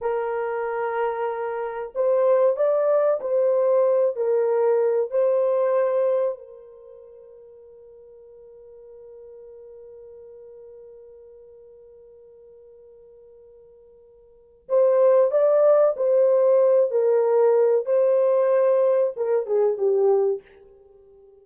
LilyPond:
\new Staff \with { instrumentName = "horn" } { \time 4/4 \tempo 4 = 94 ais'2. c''4 | d''4 c''4. ais'4. | c''2 ais'2~ | ais'1~ |
ais'1~ | ais'2. c''4 | d''4 c''4. ais'4. | c''2 ais'8 gis'8 g'4 | }